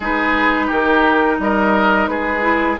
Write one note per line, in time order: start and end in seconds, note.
0.00 0.69 G#3
0.00 2.41 D#4
0.00 0.66 G#4
0.00 0.70 B4
0.66 1.39 D#3
0.66 1.36 G4
0.66 1.40 A#4
1.39 2.08 G3
1.39 2.10 A#4
1.39 2.07 D#5
2.07 2.77 G#3
2.07 2.79 G#4
2.07 2.76 B4
2.41 2.76 E4